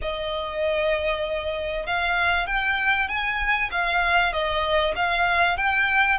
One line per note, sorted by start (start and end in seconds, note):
0.01 1.86 D#5
1.86 2.46 F5
2.46 3.08 G5
3.08 3.70 G#5
3.71 4.32 F5
4.32 4.94 D#5
4.95 5.57 F5
5.57 6.18 G5